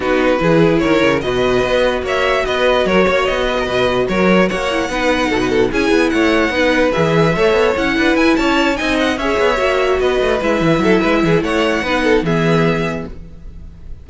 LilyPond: <<
  \new Staff \with { instrumentName = "violin" } { \time 4/4 \tempo 4 = 147 b'2 cis''4 dis''4~ | dis''4 e''4 dis''4 cis''4 | dis''2 cis''4 fis''4~ | fis''2 gis''4 fis''4~ |
fis''4 e''2 fis''4 | gis''8 a''4 gis''8 fis''8 e''4.~ | e''8 dis''4 e''2~ e''8 | fis''2 e''2 | }
  \new Staff \with { instrumentName = "violin" } { \time 4/4 fis'4 gis'4 ais'4 b'4~ | b'4 cis''4 b'4 ais'8 cis''8~ | cis''8 b'16 ais'16 b'4 ais'4 cis''4 | b'4 a'16 b'16 a'8 gis'4 cis''4 |
b'2 cis''4. b'8~ | b'8 cis''4 dis''4 cis''4.~ | cis''8 b'2 a'8 b'8 gis'8 | cis''4 b'8 a'8 gis'2 | }
  \new Staff \with { instrumentName = "viola" } { \time 4/4 dis'4 e'2 fis'4~ | fis'1~ | fis'2.~ fis'8 e'8 | dis'2 e'2 |
dis'4 gis'4 a'4 e'4~ | e'4. dis'4 gis'4 fis'8~ | fis'4. e'2~ e'8~ | e'4 dis'4 b2 | }
  \new Staff \with { instrumentName = "cello" } { \time 4/4 b4 e4 dis8 cis8 b,4 | b4 ais4 b4 fis8 ais8 | b4 b,4 fis4 ais4 | b4 b,4 cis'8 b8 a4 |
b4 e4 a8 b8 cis'8 d'8 | e'8 cis'4 c'4 cis'8 b8 ais8~ | ais8 b8 a8 gis8 e8 fis8 gis8 e8 | a4 b4 e2 | }
>>